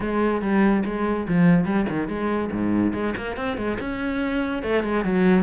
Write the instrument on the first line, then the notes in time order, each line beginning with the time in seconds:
cello
0.00 G#3
0.41 G3
0.85 G#3
1.28 F3
1.65 G3
1.89 D#3
2.08 G#3
2.52 G#2
2.93 G#3
3.17 A#3
3.36 C4
3.57 G#3
3.80 C#4
4.62 A3
4.83 G#3
5.04 F#3